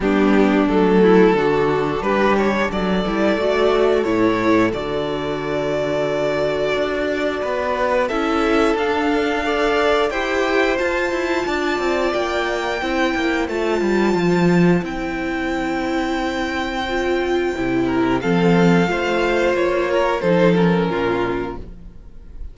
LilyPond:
<<
  \new Staff \with { instrumentName = "violin" } { \time 4/4 \tempo 4 = 89 g'4 a'2 b'8 cis''8 | d''2 cis''4 d''4~ | d''1 | e''4 f''2 g''4 |
a''2 g''2 | a''2 g''2~ | g''2. f''4~ | f''4 cis''4 c''8 ais'4. | }
  \new Staff \with { instrumentName = "violin" } { \time 4/4 d'4. e'8 fis'4 g'4 | a'1~ | a'2. b'4 | a'2 d''4 c''4~ |
c''4 d''2 c''4~ | c''1~ | c''2~ c''8 ais'8 a'4 | c''4. ais'8 a'4 f'4 | }
  \new Staff \with { instrumentName = "viola" } { \time 4/4 b4 a4 d'2~ | d'8 e'8 fis'4 e'4 fis'4~ | fis'1 | e'4 d'4 a'4 g'4 |
f'2. e'4 | f'2 e'2~ | e'4 f'4 e'4 c'4 | f'2 dis'8 cis'4. | }
  \new Staff \with { instrumentName = "cello" } { \time 4/4 g4 fis4 d4 g4 | fis8 g8 a4 a,4 d4~ | d2 d'4 b4 | cis'4 d'2 e'4 |
f'8 e'8 d'8 c'8 ais4 c'8 ais8 | a8 g8 f4 c'2~ | c'2 c4 f4 | a4 ais4 f4 ais,4 | }
>>